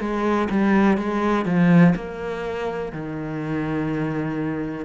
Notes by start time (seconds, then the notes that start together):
0.00 G#3
0.50 G3
0.98 G#3
1.46 F3
1.95 A#3
2.92 D#3